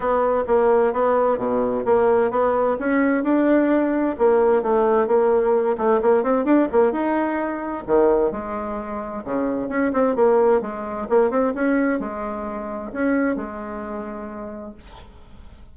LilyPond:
\new Staff \with { instrumentName = "bassoon" } { \time 4/4 \tempo 4 = 130 b4 ais4 b4 b,4 | ais4 b4 cis'4 d'4~ | d'4 ais4 a4 ais4~ | ais8 a8 ais8 c'8 d'8 ais8 dis'4~ |
dis'4 dis4 gis2 | cis4 cis'8 c'8 ais4 gis4 | ais8 c'8 cis'4 gis2 | cis'4 gis2. | }